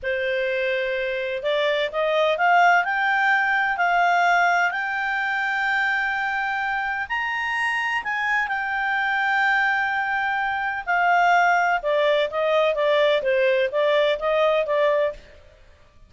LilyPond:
\new Staff \with { instrumentName = "clarinet" } { \time 4/4 \tempo 4 = 127 c''2. d''4 | dis''4 f''4 g''2 | f''2 g''2~ | g''2. ais''4~ |
ais''4 gis''4 g''2~ | g''2. f''4~ | f''4 d''4 dis''4 d''4 | c''4 d''4 dis''4 d''4 | }